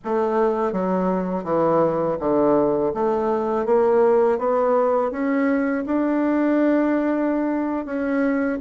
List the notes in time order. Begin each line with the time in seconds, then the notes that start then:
0.04 A3
0.72 F#3
1.44 E3
2.19 D3
2.93 A3
3.65 A#3
4.38 B3
5.11 C#4
5.85 D4
7.85 C#4